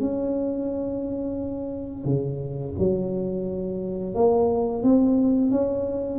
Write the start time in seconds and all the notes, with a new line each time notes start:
0.00 C#4
2.04 C#3
2.78 F#3
4.14 A#3
4.82 C4
5.51 C#4